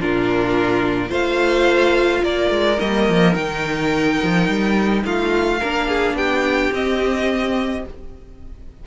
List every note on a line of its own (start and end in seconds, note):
0.00 1.11 A#2
0.00 1.08 D4
0.00 1.09 F4
0.00 1.12 A#4
1.08 2.23 A3
1.08 2.76 F4
1.08 2.21 C5
1.08 2.24 F5
2.23 2.50 A#3
2.23 5.04 A#4
2.23 2.80 D5
2.50 2.79 G#3
2.80 3.09 G3
2.80 3.33 A#3
2.80 3.34 D#5
3.09 3.36 F3
3.33 4.20 D#3
3.33 5.57 D#4
3.33 5.03 G5
4.23 4.48 F3
4.48 5.04 G3
5.05 5.61 A3
5.05 5.59 F4
5.05 6.17 F5
5.59 6.14 A#3
5.59 6.73 D4
5.59 5.87 A#4
5.88 6.16 G#4
6.14 6.70 B3
6.14 7.85 G4
6.14 6.73 G5
6.72 7.84 C4
6.72 7.85 C4
6.72 7.86 D#5